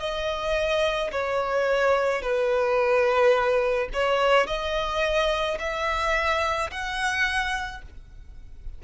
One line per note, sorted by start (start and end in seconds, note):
0.00 1.11 D#5
1.12 2.22 C#5
2.22 3.89 B4
3.93 4.47 C#5
4.47 5.58 D#5
5.60 6.71 E5
6.71 7.82 F#5